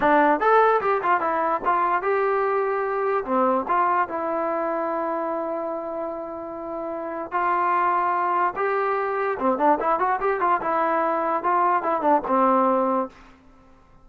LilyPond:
\new Staff \with { instrumentName = "trombone" } { \time 4/4 \tempo 4 = 147 d'4 a'4 g'8 f'8 e'4 | f'4 g'2. | c'4 f'4 e'2~ | e'1~ |
e'2 f'2~ | f'4 g'2 c'8 d'8 | e'8 fis'8 g'8 f'8 e'2 | f'4 e'8 d'8 c'2 | }